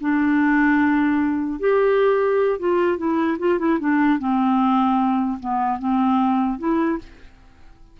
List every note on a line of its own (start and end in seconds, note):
0.00 1.59 D4
1.59 2.59 G4
2.59 2.97 F4
2.97 3.37 E4
3.38 3.58 F4
3.58 3.78 E4
3.79 4.18 D4
4.18 5.38 C4
5.39 5.79 B3
5.79 6.58 C4
6.58 6.98 E4